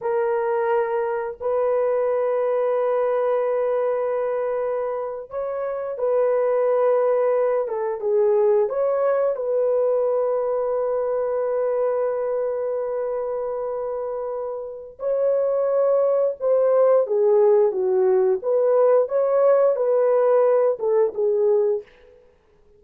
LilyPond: \new Staff \with { instrumentName = "horn" } { \time 4/4 \tempo 4 = 88 ais'2 b'2~ | b'2.~ b'8. cis''16~ | cis''8. b'2~ b'8 a'8 gis'16~ | gis'8. cis''4 b'2~ b'16~ |
b'1~ | b'2 cis''2 | c''4 gis'4 fis'4 b'4 | cis''4 b'4. a'8 gis'4 | }